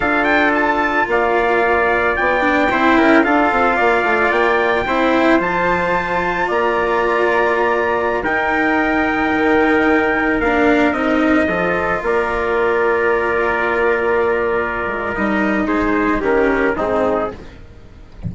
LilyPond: <<
  \new Staff \with { instrumentName = "trumpet" } { \time 4/4 \tempo 4 = 111 f''8 g''8 a''4 f''2 | g''2 f''2 | g''2 a''2 | ais''2.~ ais''16 g''8.~ |
g''2.~ g''16 f''8.~ | f''16 dis''2 d''4.~ d''16~ | d''1 | dis''4 c''4 ais'4 gis'4 | }
  \new Staff \with { instrumentName = "trumpet" } { \time 4/4 a'2 d''2~ | d''4 c''8 ais'8 a'4 d''4~ | d''4 c''2. | d''2.~ d''16 ais'8.~ |
ais'1~ | ais'4~ ais'16 a'4 ais'4.~ ais'16~ | ais'1~ | ais'4 gis'4 g'4 dis'4 | }
  \new Staff \with { instrumentName = "cello" } { \time 4/4 f'1~ | f'8 d'8 e'4 f'2~ | f'4 e'4 f'2~ | f'2.~ f'16 dis'8.~ |
dis'2.~ dis'16 d'8.~ | d'16 dis'4 f'2~ f'8.~ | f'1 | dis'2 cis'4 c'4 | }
  \new Staff \with { instrumentName = "bassoon" } { \time 4/4 d'2 ais2 | b4 c'8 cis'8 d'8 c'8 ais8 a8 | ais4 c'4 f2 | ais2.~ ais16 dis'8.~ |
dis'4~ dis'16 dis2 ais8.~ | ais16 c'4 f4 ais4.~ ais16~ | ais2.~ ais8 gis8 | g4 gis4 dis4 gis,4 | }
>>